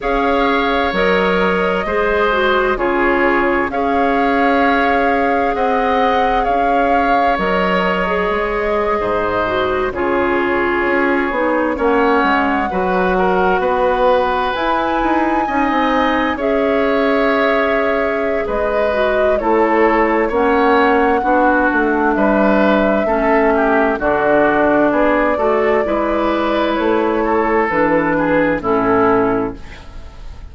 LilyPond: <<
  \new Staff \with { instrumentName = "flute" } { \time 4/4 \tempo 4 = 65 f''4 dis''2 cis''4 | f''2 fis''4 f''4 | dis''2~ dis''8. cis''4~ cis''16~ | cis''8. fis''2. gis''16~ |
gis''4.~ gis''16 e''2~ e''16 | dis''4 cis''4 fis''2 | e''2 d''2~ | d''4 cis''4 b'4 a'4 | }
  \new Staff \with { instrumentName = "oboe" } { \time 4/4 cis''2 c''4 gis'4 | cis''2 dis''4 cis''4~ | cis''4.~ cis''16 c''4 gis'4~ gis'16~ | gis'8. cis''4 b'8 ais'8 b'4~ b'16~ |
b'8. dis''4 cis''2~ cis''16 | b'4 a'4 cis''4 fis'4 | b'4 a'8 g'8 fis'4 gis'8 a'8 | b'4. a'4 gis'8 e'4 | }
  \new Staff \with { instrumentName = "clarinet" } { \time 4/4 gis'4 ais'4 gis'8 fis'8 f'4 | gis'1 | ais'8. gis'4. fis'8 f'4~ f'16~ | f'16 dis'8 cis'4 fis'2 e'16~ |
e'8. dis'4 gis'2~ gis'16~ | gis'8 fis'8 e'4 cis'4 d'4~ | d'4 cis'4 d'4. fis'8 | e'2 d'4 cis'4 | }
  \new Staff \with { instrumentName = "bassoon" } { \time 4/4 cis'4 fis4 gis4 cis4 | cis'2 c'4 cis'4 | fis4 gis8. gis,4 cis4 cis'16~ | cis'16 b8 ais8 gis8 fis4 b4 e'16~ |
e'16 dis'8 cis'16 c'8. cis'2~ cis'16 | gis4 a4 ais4 b8 a8 | g4 a4 d4 b8 a8 | gis4 a4 e4 a,4 | }
>>